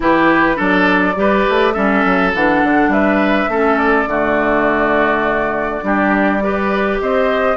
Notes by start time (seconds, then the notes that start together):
0.00 E3 E4 G4 B4
0.55 F#3 D4 A4 D5
1.15 G3 G4 B4
1.49 A3
1.72 G3 C#4 A4 E5
2.05 F#3
2.34 E3 D4 F#5
2.63 D3
2.88 G3 B4 E5
3.47 A3 C#4 A4
3.78 D5
4.06 D3 A3 F#4
5.82 G3 D4 G4
6.42 G4 B4
7.01 C4 C5 D#5